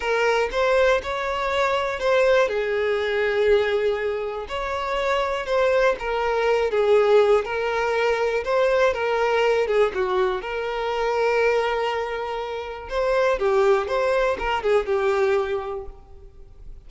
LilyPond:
\new Staff \with { instrumentName = "violin" } { \time 4/4 \tempo 4 = 121 ais'4 c''4 cis''2 | c''4 gis'2.~ | gis'4 cis''2 c''4 | ais'4. gis'4. ais'4~ |
ais'4 c''4 ais'4. gis'8 | fis'4 ais'2.~ | ais'2 c''4 g'4 | c''4 ais'8 gis'8 g'2 | }